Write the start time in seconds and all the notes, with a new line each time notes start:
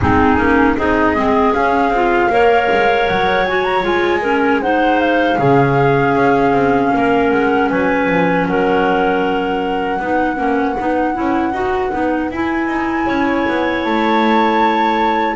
0.00 G#3 C4 D#4 G#4
0.37 A#3 C#4
0.76 C4 D#4 G#4 D#5
1.15 G#3 C4
1.53 C#4 F5
1.89 C4 F4
2.29 A#3 A#4 C#5
2.71 G#3
3.07 F#3 F#5
3.45 F#4 G#5
3.63 A#5
3.81 G#3 F4 G#5
4.22 C#4 A#4
4.61 D#4 C5 F#5
5.00 F5
5.38 C#3 C#4 G#4
6.15 C#4
6.52 C4
6.93 A#3 A#4
7.29 G#3 F#5
7.69 F#3 B4 G#5
8.08 F3
8.46 F#3 A#4 F#5
9.99 B3 D#4 B4
10.36 A#3 C#4
10.79 B3 D#4
11.14 C#4 E4
11.52 D#4 F#4
11.91 B3 D#4
12.30 E4 G#5
12.67 D#4
13.06 C#4 C#5
13.47 B3
13.83 A3 A5